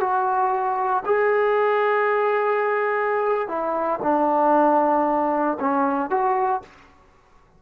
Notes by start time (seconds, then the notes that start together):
0.00 F#4
1.05 G#4
3.48 E4
4.03 D4
5.60 C#4
6.10 F#4